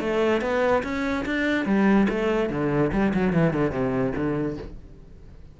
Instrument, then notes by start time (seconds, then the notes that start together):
cello
0.00 A3
0.41 B3
0.83 C#4
1.26 D4
1.65 G3
2.09 A3
2.50 D3
2.92 G3
3.14 F#3
3.33 E3
3.53 D3
3.71 C3
4.16 D3